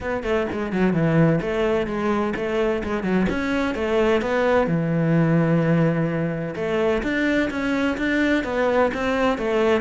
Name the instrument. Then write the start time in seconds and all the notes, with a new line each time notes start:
cello
0.00 B3
0.23 A3
0.52 G#3
0.72 F#3
0.93 E3
1.41 A3
1.86 G#3
2.36 A3
2.83 G#3
3.03 F#3
3.29 C#4
3.74 A3
4.21 B3
4.67 E3
6.55 A3
7.02 D4
7.50 C#4
7.97 D4
8.44 B3
8.94 C4
9.38 A3